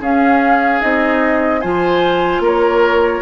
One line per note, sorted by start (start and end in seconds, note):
0.00 0.81 C#4
0.00 0.80 C#4
0.00 1.61 G#4
0.00 0.82 F5
0.80 1.64 C4
0.80 1.61 D#4
0.80 1.61 D#5
1.61 2.40 F3
1.61 3.21 F4
1.61 2.42 C5
1.61 2.42 G#5
2.40 3.21 A#3
2.40 3.21 A#4
2.46 3.21 C#5